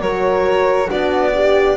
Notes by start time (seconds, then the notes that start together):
0.00 F#3 F#4 A#4 C#5
0.87 D4 F#4 D5
0.93 B3
1.34 D4 G4